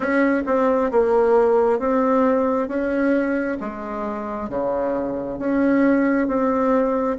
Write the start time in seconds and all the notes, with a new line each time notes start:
0.00 C#4
0.46 C4
0.91 A#3
1.79 C4
2.68 C#4
3.60 G#3
4.49 C#3
5.38 C#4
6.27 C4